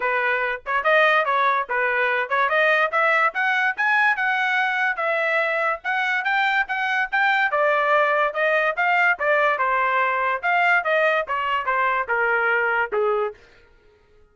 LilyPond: \new Staff \with { instrumentName = "trumpet" } { \time 4/4 \tempo 4 = 144 b'4. cis''8 dis''4 cis''4 | b'4. cis''8 dis''4 e''4 | fis''4 gis''4 fis''2 | e''2 fis''4 g''4 |
fis''4 g''4 d''2 | dis''4 f''4 d''4 c''4~ | c''4 f''4 dis''4 cis''4 | c''4 ais'2 gis'4 | }